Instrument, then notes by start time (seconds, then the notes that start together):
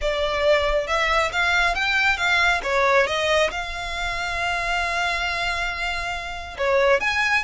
violin
0.01 D5
0.87 E5
1.32 F5
1.74 G5
2.17 F5
2.63 C#5
3.06 D#5
3.50 F5
6.57 C#5
7.00 G#5